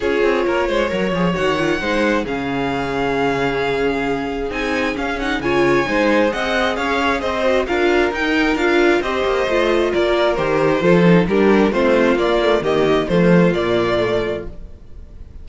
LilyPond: <<
  \new Staff \with { instrumentName = "violin" } { \time 4/4 \tempo 4 = 133 cis''2. fis''4~ | fis''4 f''2.~ | f''2 gis''4 f''8 fis''8 | gis''2 fis''4 f''4 |
dis''4 f''4 g''4 f''4 | dis''2 d''4 c''4~ | c''4 ais'4 c''4 d''4 | dis''4 c''4 d''2 | }
  \new Staff \with { instrumentName = "violin" } { \time 4/4 gis'4 ais'8 c''8 cis''2 | c''4 gis'2.~ | gis'1 | cis''4 c''4 dis''4 cis''4 |
c''4 ais'2. | c''2 ais'2 | a'4 g'4 f'2 | g'4 f'2. | }
  \new Staff \with { instrumentName = "viola" } { \time 4/4 f'2 ais'8 gis'8 fis'8 f'8 | dis'4 cis'2.~ | cis'2 dis'4 cis'8 dis'8 | f'4 dis'4 gis'2~ |
gis'8 fis'8 f'4 dis'4 f'4 | g'4 f'2 g'4 | f'8 dis'8 d'4 c'4 ais8 a8 | ais4 a4 ais4 a4 | }
  \new Staff \with { instrumentName = "cello" } { \time 4/4 cis'8 c'8 ais8 gis8 fis8 f8 dis4 | gis4 cis2.~ | cis2 c'4 cis'4 | cis4 gis4 c'4 cis'4 |
c'4 d'4 dis'4 d'4 | c'8 ais8 a4 ais4 dis4 | f4 g4 a4 ais4 | dis4 f4 ais,2 | }
>>